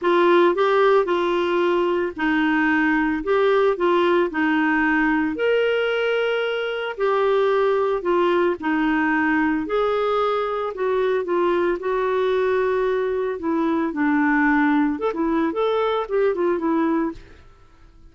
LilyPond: \new Staff \with { instrumentName = "clarinet" } { \time 4/4 \tempo 4 = 112 f'4 g'4 f'2 | dis'2 g'4 f'4 | dis'2 ais'2~ | ais'4 g'2 f'4 |
dis'2 gis'2 | fis'4 f'4 fis'2~ | fis'4 e'4 d'2 | a'16 e'8. a'4 g'8 f'8 e'4 | }